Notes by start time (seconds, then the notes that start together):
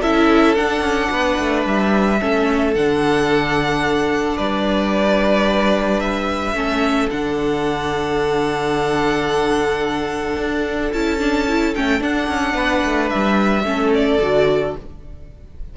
0.00 C#4 E4 A4 E5
0.55 D4 F#5
0.80 C#4
1.10 B3 B4
1.38 A3
1.66 G3 E5
2.19 A3 C#4 A4
2.74 D3 D4 F#5
4.36 G3 B4 D5
6.00 E5
6.53 A3 C#4 A4
7.11 D3 D4 F#5
10.37 D4
10.92 C#4 E4 A5
11.19 D4
11.48 E4
11.75 A3 C#4 G5
12.00 D4 F#5
12.28 C#4
12.53 B3 B4
12.85 A3
13.09 G3 E5
13.64 A3 C#4 A4
13.94 D5
14.21 D3 F#4